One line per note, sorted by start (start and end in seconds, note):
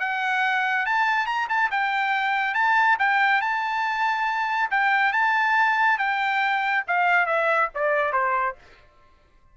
0.00 0.86 F#5
0.86 1.26 A5
1.26 1.48 A#5
1.49 1.70 A5
1.71 2.54 G5
2.54 2.97 A5
2.99 3.41 G5
3.41 4.70 A5
4.71 5.13 G5
5.13 5.98 A5
5.98 6.84 G5
6.88 7.26 F5
7.26 7.69 E5
7.75 8.13 D5
8.13 8.56 C5